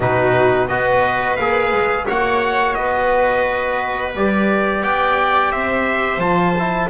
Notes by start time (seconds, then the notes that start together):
0.00 B2 D#4 F#4 B4
0.67 B3 F#4 B4 D#5
1.36 A#3 G#4 F5
1.72 G#3
2.06 A#3 F#4 C#5 F#5
2.74 B3 B4 D#5
4.14 G3 G4 D5
4.82 B3 D5 G5
5.50 C4 C5 E5
6.17 F3 F4 A5
6.58 E4